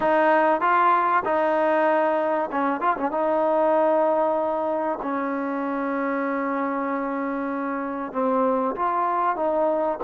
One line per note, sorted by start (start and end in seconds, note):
0.00 0.60 D#4
0.61 1.23 F4
1.24 2.49 D#4
2.51 2.80 C#4
2.80 2.96 F4
2.97 3.11 C#4
3.11 4.98 D#4
5.01 8.12 C#4
8.12 8.75 C4
8.75 9.36 F4
9.36 9.98 D#4